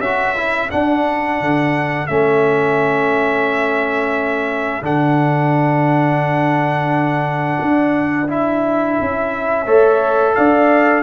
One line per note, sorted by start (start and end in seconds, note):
0.00 0.69 C#4
0.00 0.36 F#4
0.00 9.66 A4
0.00 0.70 E5
0.36 0.71 E4
0.71 2.08 D4
0.71 1.41 D4
0.71 2.07 F#5
1.41 2.10 D3
2.07 4.82 A3
2.07 4.83 C#4
2.07 4.83 E5
4.82 7.58 D3
4.82 8.28 D4
4.82 8.30 F#5
7.61 8.99 D4
8.29 9.67 E4
8.29 10.35 E5
9.01 9.67 C#4
9.66 10.36 A3
9.66 11.04 A4
9.66 10.35 C#5
10.35 11.04 D4
10.35 11.04 D5
10.35 11.04 F5